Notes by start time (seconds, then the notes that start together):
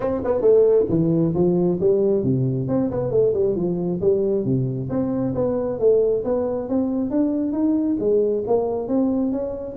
0.00 C4
0.24 B3
0.41 A3
0.89 E3
1.34 F3
1.80 G3
2.23 C3
2.68 C4
2.90 B3
3.11 A3
3.33 G3
3.55 F3
4.00 G3
4.44 C3
4.89 C4
5.34 B3
5.79 A3
6.24 B3
6.68 C4
7.10 D4
7.52 D#4
7.99 G#3
8.46 A#3
8.88 C4
9.32 C#4